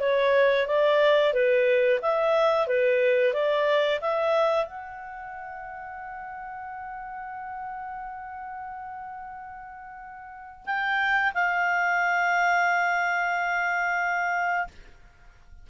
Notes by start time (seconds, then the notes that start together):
0.00 C#5
0.67 D5
1.33 B4
2.02 E5
2.67 B4
3.33 D5
4.01 E5
4.65 F#5
10.66 G5
11.34 F5